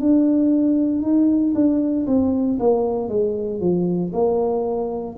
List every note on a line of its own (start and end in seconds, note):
0.00 1.02 D4
1.02 1.54 D#4
1.55 2.06 D4
2.07 2.59 C4
2.60 3.09 A#3
3.09 3.60 G#3
3.60 4.12 F3
4.13 5.17 A#3